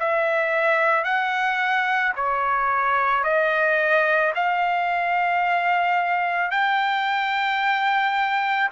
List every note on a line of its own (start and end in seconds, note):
0.00 1.04 E5
1.04 2.13 F#5
2.16 3.24 C#5
3.24 4.33 D#5
4.35 6.51 F5
6.51 8.69 G5